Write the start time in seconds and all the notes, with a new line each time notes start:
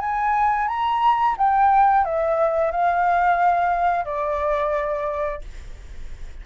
0.00 G#5
0.68 A#5
1.38 G5
2.05 E5
2.71 F5
4.05 D5